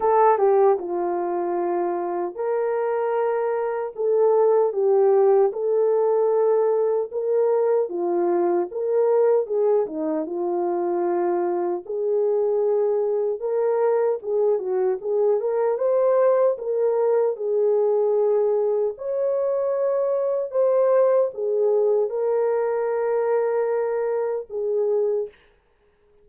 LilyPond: \new Staff \with { instrumentName = "horn" } { \time 4/4 \tempo 4 = 76 a'8 g'8 f'2 ais'4~ | ais'4 a'4 g'4 a'4~ | a'4 ais'4 f'4 ais'4 | gis'8 dis'8 f'2 gis'4~ |
gis'4 ais'4 gis'8 fis'8 gis'8 ais'8 | c''4 ais'4 gis'2 | cis''2 c''4 gis'4 | ais'2. gis'4 | }